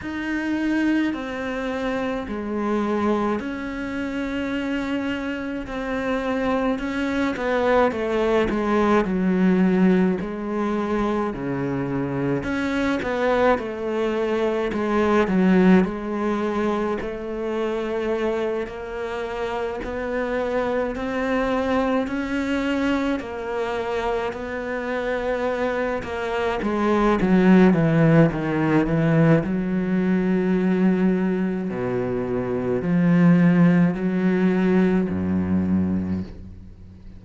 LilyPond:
\new Staff \with { instrumentName = "cello" } { \time 4/4 \tempo 4 = 53 dis'4 c'4 gis4 cis'4~ | cis'4 c'4 cis'8 b8 a8 gis8 | fis4 gis4 cis4 cis'8 b8 | a4 gis8 fis8 gis4 a4~ |
a8 ais4 b4 c'4 cis'8~ | cis'8 ais4 b4. ais8 gis8 | fis8 e8 dis8 e8 fis2 | b,4 f4 fis4 fis,4 | }